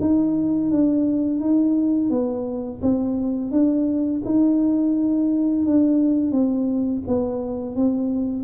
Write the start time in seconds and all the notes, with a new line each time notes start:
0.00 D#4
0.71 D4
1.40 D#4
2.10 B3
2.82 C4
3.51 D4
4.24 D#4
5.66 D4
6.31 C4
7.07 B3
7.75 C4